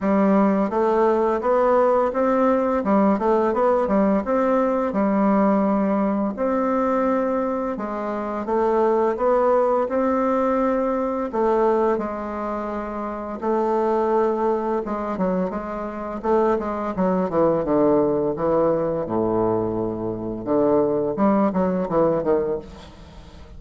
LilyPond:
\new Staff \with { instrumentName = "bassoon" } { \time 4/4 \tempo 4 = 85 g4 a4 b4 c'4 | g8 a8 b8 g8 c'4 g4~ | g4 c'2 gis4 | a4 b4 c'2 |
a4 gis2 a4~ | a4 gis8 fis8 gis4 a8 gis8 | fis8 e8 d4 e4 a,4~ | a,4 d4 g8 fis8 e8 dis8 | }